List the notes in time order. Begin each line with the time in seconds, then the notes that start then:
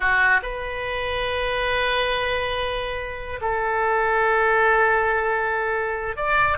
0.00 F#4
0.42 B4
3.41 A4
6.16 D5